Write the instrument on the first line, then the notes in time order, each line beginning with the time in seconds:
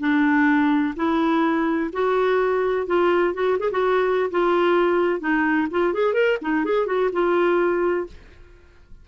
clarinet
0.00 D4
0.96 E4
1.93 F#4
2.87 F4
3.34 F#4
3.59 G#4
3.71 F#4
4.31 F4
5.20 D#4
5.71 F4
5.94 G#4
6.14 A#4
6.42 D#4
6.65 G#4
6.86 F#4
7.13 F4